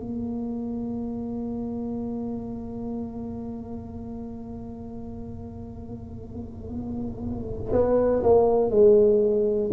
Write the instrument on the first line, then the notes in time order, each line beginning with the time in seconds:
tuba
0.00 A#3
7.73 B3
8.24 A#3
8.70 G#3